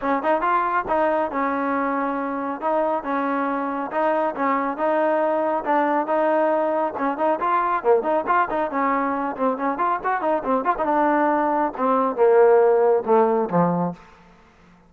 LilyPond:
\new Staff \with { instrumentName = "trombone" } { \time 4/4 \tempo 4 = 138 cis'8 dis'8 f'4 dis'4 cis'4~ | cis'2 dis'4 cis'4~ | cis'4 dis'4 cis'4 dis'4~ | dis'4 d'4 dis'2 |
cis'8 dis'8 f'4 ais8 dis'8 f'8 dis'8 | cis'4. c'8 cis'8 f'8 fis'8 dis'8 | c'8 f'16 dis'16 d'2 c'4 | ais2 a4 f4 | }